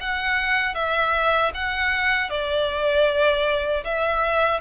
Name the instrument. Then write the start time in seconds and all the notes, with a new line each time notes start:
violin
0.00 F#5
0.74 E5
1.53 F#5
2.29 D5
3.84 E5